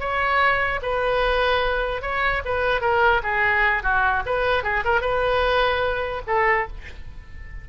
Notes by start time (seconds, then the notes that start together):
0.00 C#5
0.83 B4
2.02 C#5
2.45 B4
2.82 A#4
3.23 G#4
3.83 F#4
4.26 B4
4.64 G#4
4.85 A#4
5.01 B4
6.27 A4